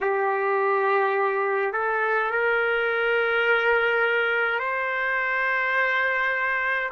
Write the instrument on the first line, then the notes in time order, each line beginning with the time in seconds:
trumpet
0.00 G4
1.73 A4
2.31 A#4
4.58 C5